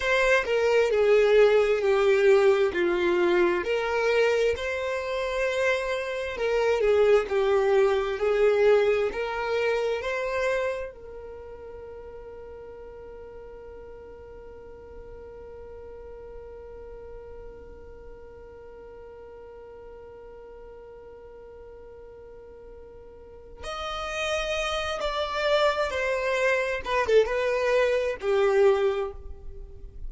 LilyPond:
\new Staff \with { instrumentName = "violin" } { \time 4/4 \tempo 4 = 66 c''8 ais'8 gis'4 g'4 f'4 | ais'4 c''2 ais'8 gis'8 | g'4 gis'4 ais'4 c''4 | ais'1~ |
ais'1~ | ais'1~ | ais'2 dis''4. d''8~ | d''8 c''4 b'16 a'16 b'4 g'4 | }